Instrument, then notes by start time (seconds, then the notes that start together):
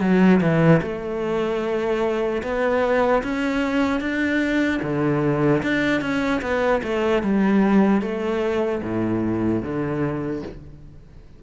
cello
0.00 F#3
0.40 E3
0.82 A3
2.43 B3
3.23 C#4
4.00 D4
4.82 D3
5.63 D4
6.01 C#4
6.41 B3
6.83 A3
7.23 G3
8.01 A3
8.83 A2
9.62 D3